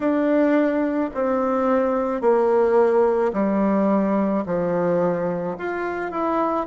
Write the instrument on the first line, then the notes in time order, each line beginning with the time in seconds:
bassoon
0.00 D4
1.14 C4
2.21 A#3
3.33 G3
4.45 F3
5.58 F4
6.11 E4